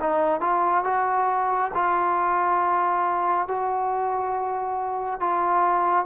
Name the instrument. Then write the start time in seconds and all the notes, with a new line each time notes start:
trombone
0.00 D#4
0.40 F4
0.84 F#4
1.74 F4
3.47 F#4
5.20 F4